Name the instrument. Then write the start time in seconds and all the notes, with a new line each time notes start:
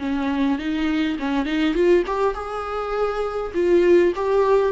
viola
0.00 C#4
0.59 D#4
1.20 C#4
1.46 D#4
1.75 F4
2.07 G4
2.35 G#4
3.55 F4
4.16 G4